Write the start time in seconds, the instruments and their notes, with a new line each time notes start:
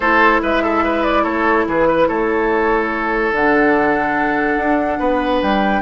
0.00 bassoon A3, clarinet E4, oboe A4, flute C5
0.42 bassoon G#3, oboe B4, flute E5
0.63 oboe A4
0.84 oboe B4
1.03 flute D5
1.23 bassoon A3, oboe A4, flute C#5
1.66 bassoon E3, oboe G#4, flute B4
1.87 oboe B4
2.07 bassoon A3, oboe A4, flute C#5
3.32 bassoon D3, clarinet D4, flute F#5
4.57 bassoon D4
4.99 bassoon B3, oboe B4
5.42 bassoon G3, flute G5